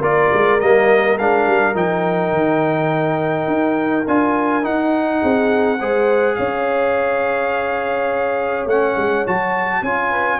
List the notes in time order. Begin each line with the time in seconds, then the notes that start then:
0.00 A#3 F4 A#4 D5
0.33 G#3
0.60 G3 A#3 D#5
1.18 G#3 D4 F5
1.46 G3
1.74 F3 D#4 G5
2.31 D#3
3.47 D#4
4.07 D4 F4 G#5
4.62 D#4 F#5
5.21 C4 G#4
5.80 G#3 G#4 C5
6.35 C#4 C#5 F5
8.65 A3 C#4 F#5
8.96 G#3
9.26 F#3 F#4 A5
9.82 C#4 F4 G#5
10.09 B4